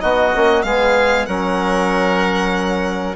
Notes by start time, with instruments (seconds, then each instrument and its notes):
0.00 bassoon B3, trombone D#4, oboe F#4, violin D#5
0.34 bassoon A#3, trombone C#4
0.62 bassoon G#3, trombone B3, oboe G#4, violin F5
1.26 bassoon F#3, trombone C#4, oboe A#4, violin F#5